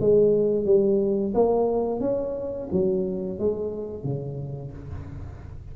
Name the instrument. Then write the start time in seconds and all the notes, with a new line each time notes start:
tuba
0.00 G#3
0.65 G3
1.34 A#3
2.00 C#4
2.72 F#3
3.39 G#3
4.04 C#3